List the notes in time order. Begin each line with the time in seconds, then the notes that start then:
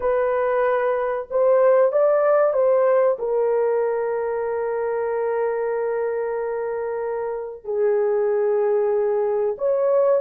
0.00 B4
1.30 C5
1.91 D5
2.53 C5
3.19 A#4
7.64 G#4
9.57 C#5